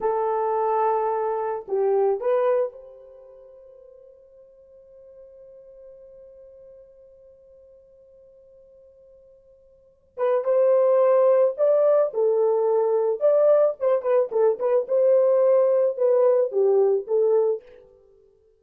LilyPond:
\new Staff \with { instrumentName = "horn" } { \time 4/4 \tempo 4 = 109 a'2. g'4 | b'4 c''2.~ | c''1~ | c''1~ |
c''2~ c''8 b'8 c''4~ | c''4 d''4 a'2 | d''4 c''8 b'8 a'8 b'8 c''4~ | c''4 b'4 g'4 a'4 | }